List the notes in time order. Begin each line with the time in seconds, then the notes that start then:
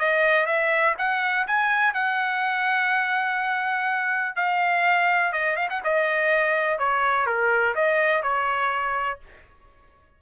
0.00 D#5
0.47 E5
0.99 F#5
1.47 G#5
1.94 F#5
4.36 F5
5.33 D#5
5.57 F5
5.70 F#5
5.84 D#5
6.79 C#5
7.27 A#4
7.75 D#5
8.23 C#5